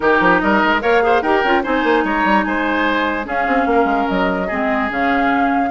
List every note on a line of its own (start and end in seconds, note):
0.00 0.20 D#3
0.00 0.80 D#4
0.00 0.42 G4
0.00 0.39 A#4
0.20 0.40 F3
0.39 0.63 G3
0.39 0.82 A#4
0.39 0.80 D#5
0.63 0.82 G#3
0.80 1.22 A#3
0.80 1.00 A#4
0.80 1.02 C#5
0.80 1.22 F5
1.01 1.22 G#4
1.01 1.22 C5
1.22 1.42 D#4
1.22 1.45 G4
1.22 1.62 A#4
1.22 1.63 G5
1.43 1.64 C#4
1.43 1.63 F4
1.63 1.83 C4
1.63 3.23 D#4
1.63 2.03 C5
1.63 2.05 G#5
1.83 2.04 A#3
2.04 2.24 G#3
2.04 2.45 C#5
2.04 2.43 A#5
2.24 2.45 G3
2.43 3.27 G#3
2.43 3.26 C5
2.43 3.25 G#5
3.23 4.46 C#4
3.23 3.47 C#4
3.23 3.67 G#4
3.23 4.08 F5
3.47 3.66 C4
3.66 3.84 A#3
3.66 4.47 A#4
3.84 4.05 G#3
4.08 4.50 F#3
4.08 4.90 D#5
4.47 4.90 G#3
4.47 4.89 C4
4.47 5.69 G#4
4.89 5.70 C#3
4.89 5.70 C#4
4.89 5.70 F5